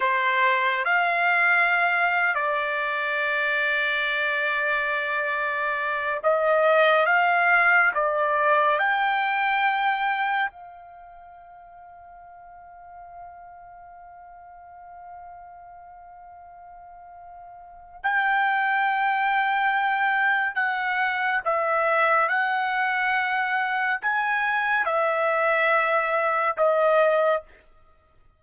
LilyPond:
\new Staff \with { instrumentName = "trumpet" } { \time 4/4 \tempo 4 = 70 c''4 f''4.~ f''16 d''4~ d''16~ | d''2.~ d''16 dis''8.~ | dis''16 f''4 d''4 g''4.~ g''16~ | g''16 f''2.~ f''8.~ |
f''1~ | f''4 g''2. | fis''4 e''4 fis''2 | gis''4 e''2 dis''4 | }